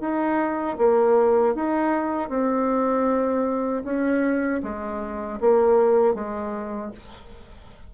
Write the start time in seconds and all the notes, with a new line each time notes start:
0.00 D#4
0.78 A#3
1.55 D#4
2.29 C4
3.84 C#4
4.63 G#3
5.40 A#3
6.14 G#3